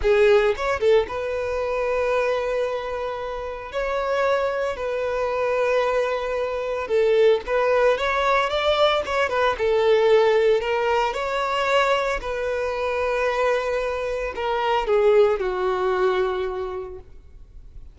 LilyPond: \new Staff \with { instrumentName = "violin" } { \time 4/4 \tempo 4 = 113 gis'4 cis''8 a'8 b'2~ | b'2. cis''4~ | cis''4 b'2.~ | b'4 a'4 b'4 cis''4 |
d''4 cis''8 b'8 a'2 | ais'4 cis''2 b'4~ | b'2. ais'4 | gis'4 fis'2. | }